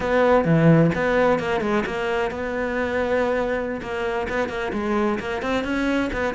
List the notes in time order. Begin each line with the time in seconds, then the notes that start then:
0.00 B3
0.44 E3
0.94 B3
1.39 A#3
1.60 G#3
1.86 A#3
2.30 B3
3.81 A#3
4.29 B3
4.49 A#3
4.73 G#3
5.19 A#3
5.42 C4
5.64 C#4
6.13 B3